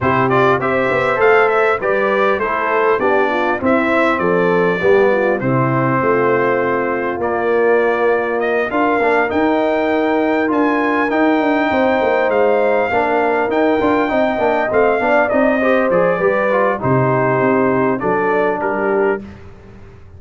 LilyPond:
<<
  \new Staff \with { instrumentName = "trumpet" } { \time 4/4 \tempo 4 = 100 c''8 d''8 e''4 f''8 e''8 d''4 | c''4 d''4 e''4 d''4~ | d''4 c''2. | d''2 dis''8 f''4 g''8~ |
g''4. gis''4 g''4.~ | g''8 f''2 g''4.~ | g''8 f''4 dis''4 d''4. | c''2 d''4 ais'4 | }
  \new Staff \with { instrumentName = "horn" } { \time 4/4 g'4 c''2 b'4 | a'4 g'8 f'8 e'4 a'4 | g'8 f'8 e'4 f'2~ | f'2~ f'8 ais'4.~ |
ais'2.~ ais'8 c''8~ | c''4. ais'2 dis''8~ | dis''4 d''4 c''4 b'4 | g'2 a'4 g'4 | }
  \new Staff \with { instrumentName = "trombone" } { \time 4/4 e'8 f'8 g'4 a'4 g'4 | e'4 d'4 c'2 | b4 c'2. | ais2~ ais8 f'8 d'8 dis'8~ |
dis'4. f'4 dis'4.~ | dis'4. d'4 dis'8 f'8 dis'8 | d'8 c'8 d'8 dis'8 g'8 gis'8 g'8 f'8 | dis'2 d'2 | }
  \new Staff \with { instrumentName = "tuba" } { \time 4/4 c4 c'8 b8 a4 g4 | a4 b4 c'4 f4 | g4 c4 a2 | ais2~ ais8 d'8 ais8 dis'8~ |
dis'4. d'4 dis'8 d'8 c'8 | ais8 gis4 ais4 dis'8 d'8 c'8 | ais8 a8 b8 c'4 f8 g4 | c4 c'4 fis4 g4 | }
>>